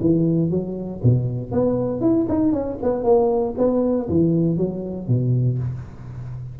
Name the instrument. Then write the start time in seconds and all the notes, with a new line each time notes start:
tuba
0.00 E3
0.50 F#3
1.03 B2
1.52 B3
2.01 E4
2.29 D#4
2.52 C#4
2.82 B3
3.04 A#3
3.57 B3
4.08 E3
4.57 F#3
5.07 B2